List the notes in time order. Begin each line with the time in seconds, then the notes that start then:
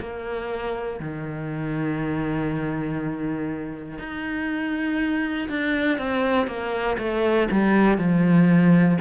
0.00 A#3
0.99 D#3
3.98 D#4
5.49 D4
5.98 C4
6.47 A#3
6.98 A3
7.51 G3
7.97 F3